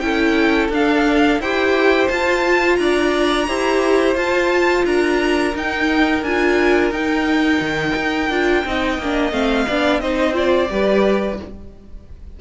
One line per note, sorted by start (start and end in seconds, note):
0.00 0.69 C#4
0.00 0.70 E4
0.00 1.41 A4
0.00 0.69 G5
0.69 1.38 D4
0.69 1.43 D4
0.69 1.41 F5
1.39 2.08 E4
1.39 2.09 G4
1.39 2.79 C5
1.39 2.08 G5
2.08 3.47 F4
2.08 2.79 F4
2.08 2.76 A5
2.76 3.48 D4
2.76 3.48 D5
2.76 4.14 A#5
3.48 4.15 E4
3.48 4.16 G4
3.48 4.85 C5
4.15 4.84 F4
4.15 5.54 F4
4.15 4.85 A5
4.85 5.54 D4
4.85 8.66 A#4
4.85 5.55 A#5
5.55 6.22 D#4
5.55 6.24 D#4
5.55 6.24 G5
6.22 6.91 D4
6.22 6.93 F4
6.22 6.93 G#5
6.91 7.60 D#4
6.91 8.31 D#4
6.91 9.32 G5
7.61 7.95 D#3
7.96 8.30 D#4
8.30 8.64 D4
8.30 8.65 F4
8.65 8.99 C4
8.65 9.01 D#4
8.65 9.67 D#5
8.99 9.31 A#3
8.99 9.32 D4
9.31 9.66 A3
9.31 9.67 C4
9.31 10.01 F5
9.67 10.01 B3
9.67 10.03 D4
9.67 10.02 D5
10.01 10.70 C4
10.01 10.33 D#4
10.01 10.71 C5
10.01 10.35 D#5
10.33 10.68 F4
10.33 11.40 D5
10.70 11.40 G3
10.70 11.39 G4
10.70 11.41 B4